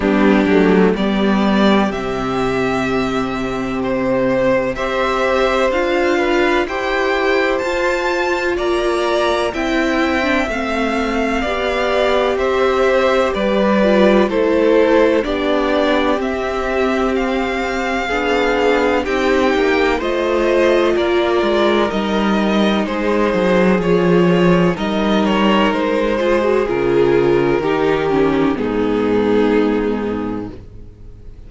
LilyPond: <<
  \new Staff \with { instrumentName = "violin" } { \time 4/4 \tempo 4 = 63 g'4 d''4 e''2 | c''4 e''4 f''4 g''4 | a''4 ais''4 g''4 f''4~ | f''4 e''4 d''4 c''4 |
d''4 e''4 f''2 | g''4 dis''4 d''4 dis''4 | c''4 cis''4 dis''8 cis''8 c''4 | ais'2 gis'2 | }
  \new Staff \with { instrumentName = "violin" } { \time 4/4 d'4 g'2.~ | g'4 c''4. b'8 c''4~ | c''4 d''4 e''2 | d''4 c''4 b'4 a'4 |
g'2. gis'4 | g'4 c''4 ais'2 | gis'2 ais'4. gis'8~ | gis'4 g'4 dis'2 | }
  \new Staff \with { instrumentName = "viola" } { \time 4/4 b8 a8 b4 c'2~ | c'4 g'4 f'4 g'4 | f'2 e'8. d'16 c'4 | g'2~ g'8 f'8 e'4 |
d'4 c'2 d'4 | dis'4 f'2 dis'4~ | dis'4 f'4 dis'4. f'16 fis'16 | f'4 dis'8 cis'8 b2 | }
  \new Staff \with { instrumentName = "cello" } { \time 4/4 g8 fis8 g4 c2~ | c4 c'4 d'4 e'4 | f'4 ais4 c'4 a4 | b4 c'4 g4 a4 |
b4 c'2 b4 | c'8 ais8 a4 ais8 gis8 g4 | gis8 fis8 f4 g4 gis4 | cis4 dis4 gis,2 | }
>>